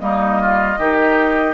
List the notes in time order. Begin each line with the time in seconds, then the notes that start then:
0.00 G3 A#3 D#4 D#5
0.41 F4
0.79 D#3 D#4 G4